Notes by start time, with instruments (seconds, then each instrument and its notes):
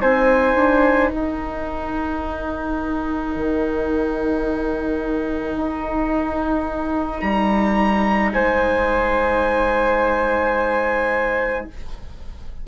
0.00 bassoon C4, viola D#4, flute C5, trumpet G#5
0.55 bassoon D4
1.11 bassoon D#4, flute A#4, trumpet G5
3.36 bassoon D#3
5.56 bassoon D#4
7.21 bassoon G3, trumpet A#5
8.33 bassoon G#3, flute C5, trumpet G#5